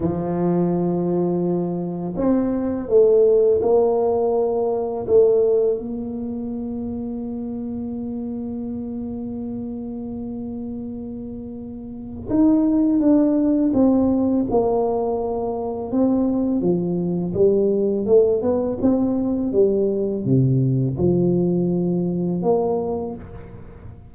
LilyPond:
\new Staff \with { instrumentName = "tuba" } { \time 4/4 \tempo 4 = 83 f2. c'4 | a4 ais2 a4 | ais1~ | ais1~ |
ais4 dis'4 d'4 c'4 | ais2 c'4 f4 | g4 a8 b8 c'4 g4 | c4 f2 ais4 | }